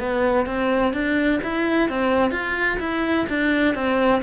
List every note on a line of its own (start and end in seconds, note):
0.00 0.46 B3
0.46 0.93 C4
0.93 1.40 D4
1.44 1.90 E4
1.90 2.31 C4
2.31 2.78 F4
2.80 3.26 E4
3.29 3.75 D4
3.75 4.22 C4